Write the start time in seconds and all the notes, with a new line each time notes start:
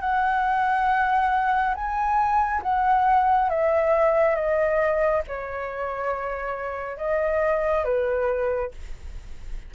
0.00 F#5
1.75 G#5
2.62 F#5
3.49 E5
4.35 D#5
5.27 C#5
6.97 D#5
7.84 B4